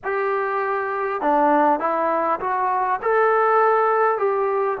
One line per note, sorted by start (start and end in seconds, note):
0.03 1.21 G4
1.21 1.79 D4
1.79 2.39 E4
2.40 3.00 F#4
3.02 4.18 A4
4.18 4.78 G4